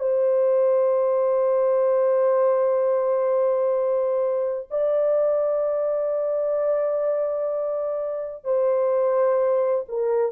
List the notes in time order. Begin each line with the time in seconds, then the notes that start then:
0.00 C5
4.70 D5
8.45 C5
9.89 A#4